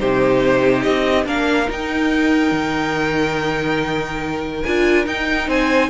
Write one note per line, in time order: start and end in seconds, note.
0.00 0.87 C3
0.00 1.26 D#4
0.00 1.27 G4
0.00 0.83 C5
0.83 1.26 C4
0.83 1.25 D#5
1.26 1.68 A#3
1.26 1.66 D4
1.26 5.49 A#4
1.26 1.70 F5
1.66 4.62 D#4
1.66 2.52 D#4
1.72 4.64 G5
2.52 4.63 D#3
4.64 5.07 D4
4.64 5.06 F4
4.64 5.06 G#5
5.06 5.90 D#4
5.06 5.48 D#4
5.06 5.50 G5
5.48 5.90 C4
5.48 5.90 C5
5.48 5.90 G#5